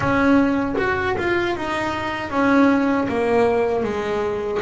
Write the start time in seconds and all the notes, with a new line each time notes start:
0.00 C#4
0.77 F#4
1.17 F4
1.56 D#4
2.30 C#4
3.08 A#3
3.83 G#3